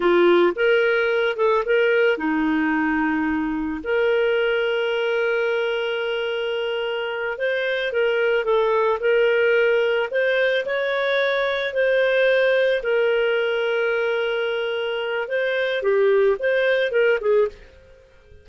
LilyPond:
\new Staff \with { instrumentName = "clarinet" } { \time 4/4 \tempo 4 = 110 f'4 ais'4. a'8 ais'4 | dis'2. ais'4~ | ais'1~ | ais'4. c''4 ais'4 a'8~ |
a'8 ais'2 c''4 cis''8~ | cis''4. c''2 ais'8~ | ais'1 | c''4 g'4 c''4 ais'8 gis'8 | }